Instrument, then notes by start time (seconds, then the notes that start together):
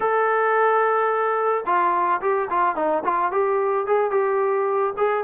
trombone
0.00 A4
1.65 F4
2.21 G4
2.50 F4
2.75 D#4
3.04 F4
3.31 G4
3.87 G#4
4.11 G4
4.97 G#4